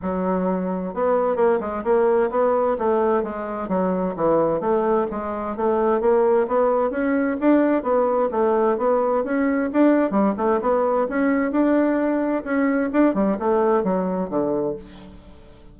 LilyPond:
\new Staff \with { instrumentName = "bassoon" } { \time 4/4 \tempo 4 = 130 fis2 b4 ais8 gis8 | ais4 b4 a4 gis4 | fis4 e4 a4 gis4 | a4 ais4 b4 cis'4 |
d'4 b4 a4 b4 | cis'4 d'4 g8 a8 b4 | cis'4 d'2 cis'4 | d'8 g8 a4 fis4 d4 | }